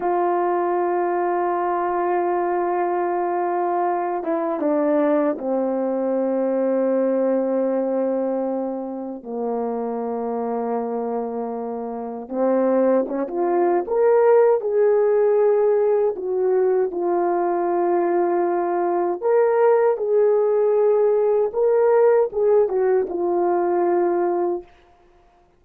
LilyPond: \new Staff \with { instrumentName = "horn" } { \time 4/4 \tempo 4 = 78 f'1~ | f'4. e'8 d'4 c'4~ | c'1 | ais1 |
c'4 cis'16 f'8. ais'4 gis'4~ | gis'4 fis'4 f'2~ | f'4 ais'4 gis'2 | ais'4 gis'8 fis'8 f'2 | }